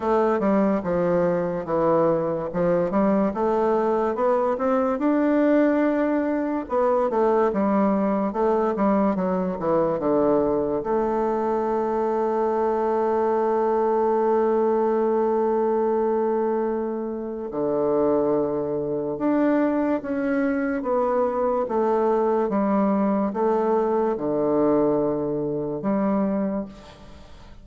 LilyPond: \new Staff \with { instrumentName = "bassoon" } { \time 4/4 \tempo 4 = 72 a8 g8 f4 e4 f8 g8 | a4 b8 c'8 d'2 | b8 a8 g4 a8 g8 fis8 e8 | d4 a2.~ |
a1~ | a4 d2 d'4 | cis'4 b4 a4 g4 | a4 d2 g4 | }